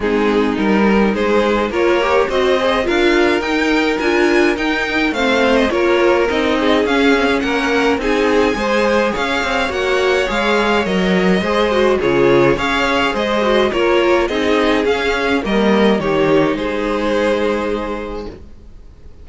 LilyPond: <<
  \new Staff \with { instrumentName = "violin" } { \time 4/4 \tempo 4 = 105 gis'4 ais'4 c''4 cis''4 | dis''4 f''4 g''4 gis''4 | g''4 f''8. dis''16 cis''4 dis''4 | f''4 fis''4 gis''2 |
f''4 fis''4 f''4 dis''4~ | dis''4 cis''4 f''4 dis''4 | cis''4 dis''4 f''4 dis''4 | cis''4 c''2. | }
  \new Staff \with { instrumentName = "violin" } { \time 4/4 dis'2 gis'4 ais'4 | c''4 ais'2.~ | ais'4 c''4 ais'4. gis'8~ | gis'4 ais'4 gis'4 c''4 |
cis''1 | c''4 gis'4 cis''4 c''4 | ais'4 gis'2 ais'4 | g'4 gis'2. | }
  \new Staff \with { instrumentName = "viola" } { \time 4/4 c'4 dis'2 f'8 g'8 | fis'8 gis'8 f'4 dis'4 f'4 | dis'4 c'4 f'4 dis'4 | cis'8 c'16 cis'4~ cis'16 dis'4 gis'4~ |
gis'4 fis'4 gis'4 ais'4 | gis'8 fis'8 f'4 gis'4. fis'8 | f'4 dis'4 cis'4 ais4 | dis'1 | }
  \new Staff \with { instrumentName = "cello" } { \time 4/4 gis4 g4 gis4 ais4 | c'4 d'4 dis'4 d'4 | dis'4 a4 ais4 c'4 | cis'4 ais4 c'4 gis4 |
cis'8 c'8 ais4 gis4 fis4 | gis4 cis4 cis'4 gis4 | ais4 c'4 cis'4 g4 | dis4 gis2. | }
>>